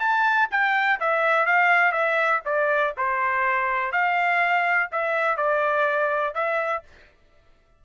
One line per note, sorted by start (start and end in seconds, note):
0.00 0.49 A5
0.51 1.00 G5
1.00 1.46 E5
1.46 1.92 F5
1.92 2.41 E5
2.46 2.94 D5
2.98 3.92 C5
3.92 4.90 F5
4.92 5.37 E5
5.37 6.35 D5
6.35 6.84 E5